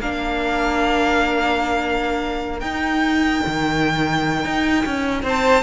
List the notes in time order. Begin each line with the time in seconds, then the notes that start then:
0.00 A#3 D4 A#4 F5
2.60 D#4 G5
3.46 D#3
4.45 D#4
4.86 C#4
5.23 C4 C5 A5